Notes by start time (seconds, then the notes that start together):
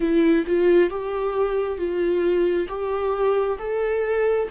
0.00 E4
0.46 F4
0.90 G4
1.77 F4
2.68 G4
3.59 A4